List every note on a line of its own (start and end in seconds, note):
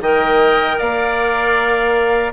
0.00 0.77 D#3
0.00 2.32 A#4
0.00 0.77 D#5
0.00 0.79 G5
0.77 2.32 A#3
0.77 2.31 D5
0.77 2.32 F5